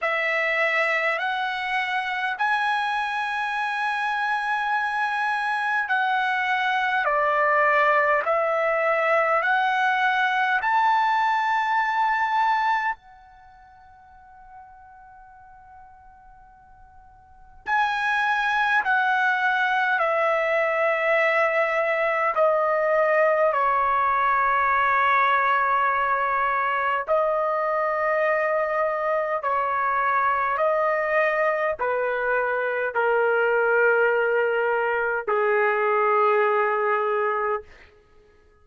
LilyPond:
\new Staff \with { instrumentName = "trumpet" } { \time 4/4 \tempo 4 = 51 e''4 fis''4 gis''2~ | gis''4 fis''4 d''4 e''4 | fis''4 a''2 fis''4~ | fis''2. gis''4 |
fis''4 e''2 dis''4 | cis''2. dis''4~ | dis''4 cis''4 dis''4 b'4 | ais'2 gis'2 | }